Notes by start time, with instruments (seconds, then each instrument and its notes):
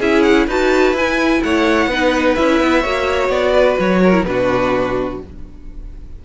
0.00 cello C#4, viola E4, violin G#4 E5
0.23 violin F#5
0.47 cello D#4, viola F#4, violin B4 A5
0.93 cello E4, viola E4, violin G#5
1.43 cello A3, violin C#5 F#5
1.87 cello B3, viola D#4, violin B4
2.35 cello C#4, viola E4, violin E5
2.61 cello B3
2.81 cello A#3, viola F#4, violin C#5
3.29 cello B3, violin D5
3.54 violin B4
3.80 cello F#3, violin C#5
4.04 violin A#4
4.13 viola E4
4.23 cello B2, viola D4, violin B4
4.31 violin F#4